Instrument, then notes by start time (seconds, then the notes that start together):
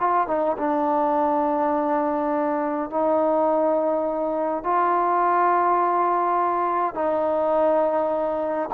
trombone
0.00 F4
0.28 D#4
0.58 D4
2.91 D#4
4.64 F4
6.95 D#4